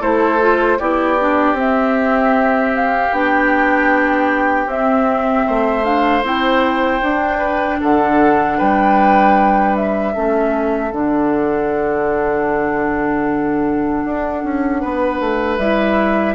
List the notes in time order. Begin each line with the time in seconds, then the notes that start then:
0.00 A3 E4 A4 C5
0.39 F4
0.78 B3 E4 G4 D5
1.18 D4
1.53 C4
1.59 E5
2.75 F5
3.12 B3 D4 G5
4.66 C4 E5
5.47 A3 C5
5.83 D4 F5
6.23 C4 E4 G5
7.01 D4
7.38 B4
7.80 D3 A4 F#5
8.57 G3 B4 G5
9.75 E5
10.13 A3 C#4 A4
10.91 D3 D4 F#5
14.04 D4
14.43 C#4
14.80 B3 B4
15.20 A3
15.57 G3 E4 E5